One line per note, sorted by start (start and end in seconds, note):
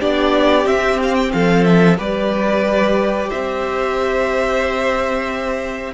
0.00 0.66 B3
0.00 0.65 D4
0.00 1.32 G4
0.00 0.66 D5
0.65 1.97 C4
0.65 1.32 C4
0.65 0.99 E5
1.03 1.15 F5
1.15 1.31 G5
1.33 1.99 F3
1.33 1.98 A4
1.33 1.64 F5
1.64 1.97 E5
1.97 3.30 G3
1.97 5.93 G4
1.97 3.28 B4
1.97 3.30 D5
3.28 5.94 C4
3.28 5.92 C5
3.28 5.94 E5